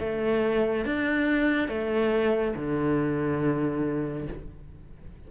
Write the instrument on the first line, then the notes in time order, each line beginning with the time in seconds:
cello
0.00 A3
0.86 D4
1.69 A3
2.56 D3